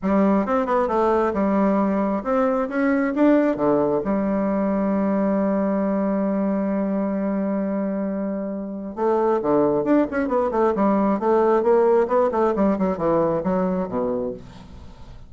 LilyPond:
\new Staff \with { instrumentName = "bassoon" } { \time 4/4 \tempo 4 = 134 g4 c'8 b8 a4 g4~ | g4 c'4 cis'4 d'4 | d4 g2.~ | g1~ |
g1 | a4 d4 d'8 cis'8 b8 a8 | g4 a4 ais4 b8 a8 | g8 fis8 e4 fis4 b,4 | }